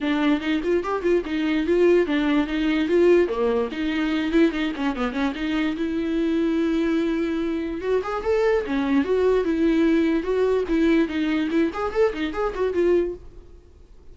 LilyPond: \new Staff \with { instrumentName = "viola" } { \time 4/4 \tempo 4 = 146 d'4 dis'8 f'8 g'8 f'8 dis'4 | f'4 d'4 dis'4 f'4 | ais4 dis'4. e'8 dis'8 cis'8 | b8 cis'8 dis'4 e'2~ |
e'2. fis'8 gis'8 | a'4 cis'4 fis'4 e'4~ | e'4 fis'4 e'4 dis'4 | e'8 gis'8 a'8 dis'8 gis'8 fis'8 f'4 | }